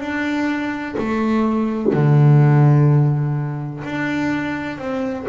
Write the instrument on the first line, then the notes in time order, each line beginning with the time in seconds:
double bass
0.00 D4
0.98 A3
1.93 D3
3.84 D4
4.78 C4